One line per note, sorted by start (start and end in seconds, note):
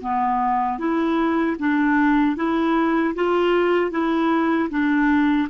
0.00 0.78 B3
0.78 1.56 E4
1.59 2.36 D4
2.36 3.14 E4
3.15 3.91 F4
3.91 4.69 E4
4.70 5.48 D4